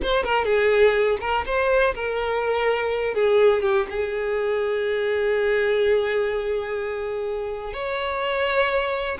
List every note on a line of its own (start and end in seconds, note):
0.02 0.24 C5
0.24 0.45 A#4
0.45 1.17 G#4
1.20 1.44 A#4
1.46 1.94 C5
1.94 3.14 A#4
3.14 3.62 G#4
3.62 3.86 G4
3.90 7.73 G#4
7.73 9.18 C#5